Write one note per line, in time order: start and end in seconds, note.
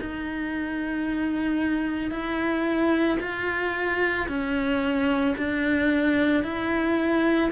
0.00 2.11 D#4
2.11 3.18 E4
3.20 4.27 F4
4.28 5.35 C#4
5.37 6.43 D4
6.43 7.50 E4